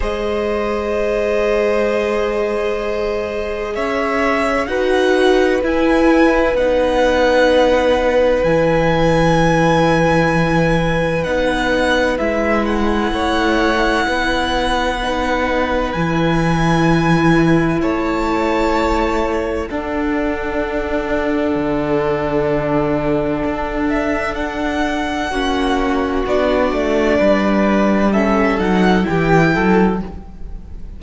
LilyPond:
<<
  \new Staff \with { instrumentName = "violin" } { \time 4/4 \tempo 4 = 64 dis''1 | e''4 fis''4 gis''4 fis''4~ | fis''4 gis''2. | fis''4 e''8 fis''2~ fis''8~ |
fis''4 gis''2 a''4~ | a''4 fis''2.~ | fis''4. e''8 fis''2 | d''2 e''8 fis''8 g''4 | }
  \new Staff \with { instrumentName = "violin" } { \time 4/4 c''1 | cis''4 b'2.~ | b'1~ | b'2 cis''4 b'4~ |
b'2. cis''4~ | cis''4 a'2.~ | a'2. fis'4~ | fis'4 b'4 a'4 g'8 a'8 | }
  \new Staff \with { instrumentName = "viola" } { \time 4/4 gis'1~ | gis'4 fis'4 e'4 dis'4~ | dis'4 e'2. | dis'4 e'2. |
dis'4 e'2.~ | e'4 d'2.~ | d'2. cis'4 | d'2 cis'8 dis'8 e'4 | }
  \new Staff \with { instrumentName = "cello" } { \time 4/4 gis1 | cis'4 dis'4 e'4 b4~ | b4 e2. | b4 gis4 a4 b4~ |
b4 e2 a4~ | a4 d'2 d4~ | d4 d'2 ais4 | b8 a8 g4. fis8 e8 fis8 | }
>>